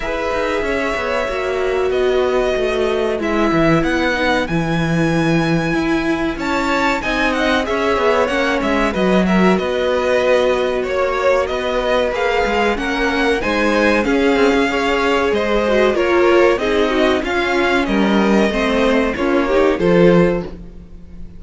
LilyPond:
<<
  \new Staff \with { instrumentName = "violin" } { \time 4/4 \tempo 4 = 94 e''2. dis''4~ | dis''4 e''4 fis''4 gis''4~ | gis''2 a''4 gis''8 fis''8 | e''4 fis''8 e''8 dis''8 e''8 dis''4~ |
dis''4 cis''4 dis''4 f''4 | fis''4 gis''4 f''2 | dis''4 cis''4 dis''4 f''4 | dis''2 cis''4 c''4 | }
  \new Staff \with { instrumentName = "violin" } { \time 4/4 b'4 cis''2 b'4~ | b'1~ | b'2 cis''4 dis''4 | cis''2 b'8 ais'8 b'4~ |
b'4 cis''4 b'2 | ais'4 c''4 gis'4 cis''4 | c''4 ais'4 gis'8 fis'8 f'4 | ais'4 c''4 f'8 g'8 a'4 | }
  \new Staff \with { instrumentName = "viola" } { \time 4/4 gis'2 fis'2~ | fis'4 e'4. dis'8 e'4~ | e'2. dis'4 | gis'4 cis'4 fis'2~ |
fis'2. gis'4 | cis'4 dis'4 cis'4 gis'4~ | gis'8 fis'8 f'4 dis'4 cis'4~ | cis'4 c'4 cis'8 dis'8 f'4 | }
  \new Staff \with { instrumentName = "cello" } { \time 4/4 e'8 dis'8 cis'8 b8 ais4 b4 | a4 gis8 e8 b4 e4~ | e4 e'4 cis'4 c'4 | cis'8 b8 ais8 gis8 fis4 b4~ |
b4 ais4 b4 ais8 gis8 | ais4 gis4 cis'8 c'16 cis'4~ cis'16 | gis4 ais4 c'4 cis'4 | g4 a4 ais4 f4 | }
>>